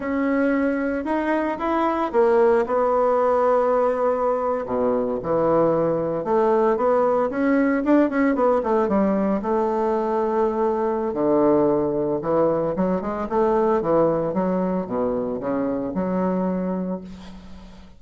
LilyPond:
\new Staff \with { instrumentName = "bassoon" } { \time 4/4 \tempo 4 = 113 cis'2 dis'4 e'4 | ais4 b2.~ | b8. b,4 e2 a16~ | a8. b4 cis'4 d'8 cis'8 b16~ |
b16 a8 g4 a2~ a16~ | a4 d2 e4 | fis8 gis8 a4 e4 fis4 | b,4 cis4 fis2 | }